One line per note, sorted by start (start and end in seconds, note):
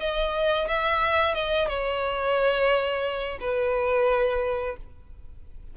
0.00 0.68 D#5
0.68 1.35 E5
1.35 1.68 D#5
1.68 3.39 C#5
3.41 4.77 B4